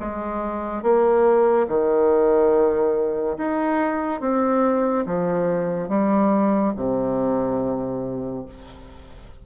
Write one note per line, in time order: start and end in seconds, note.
0.00 0.83 G#3
0.83 1.67 A#3
1.68 3.37 D#3
3.37 4.21 D#4
4.21 5.05 C4
5.06 5.88 F3
5.88 6.73 G3
6.76 8.45 C3